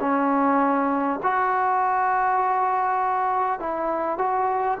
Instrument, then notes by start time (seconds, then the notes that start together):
trombone
0.00 C#4
1.22 F#4
3.59 E4
4.17 F#4